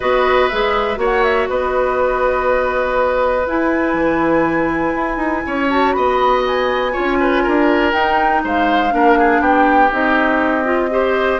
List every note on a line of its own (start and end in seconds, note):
0.00 0.51 B3
0.00 0.50 F#4
0.00 0.98 B4
0.00 0.48 D#5
0.48 0.97 G#3
0.48 0.95 G#4
0.48 0.98 E5
0.95 1.46 A#3
0.95 3.43 F#4
0.95 1.49 C#5
1.04 1.23 F#5
1.23 1.48 E5
1.49 3.46 B3
1.49 5.46 B4
1.49 3.47 D#5
3.46 3.93 E4
3.46 5.70 E4
3.46 5.69 G#5
3.93 4.92 E3
4.94 5.17 E4
5.17 5.41 D#4
5.46 5.95 C#4
5.46 5.95 C#5
5.69 6.93 F#4
5.69 5.92 A5
5.92 6.95 B3
5.92 6.92 D#5
5.92 6.41 B5
6.46 7.92 G#5
6.92 7.92 F4
6.92 7.17 C#5
6.99 7.47 C#4
7.20 7.42 B4
7.42 7.93 D4
7.42 8.42 A#4
7.92 8.42 D#4
7.92 8.90 D#4
7.92 8.42 G5
8.44 8.92 G#3
8.44 8.93 C5
8.44 9.42 F5
8.90 9.39 A#3
8.90 9.89 D4
8.90 9.18 A#4
9.18 9.41 G#4
9.39 9.89 B3
9.39 10.89 G4
9.39 9.91 G5
9.91 11.39 C4
9.91 10.64 D#4
9.91 11.39 D#5
10.64 10.89 F4
10.90 11.39 G4
10.90 11.39 C5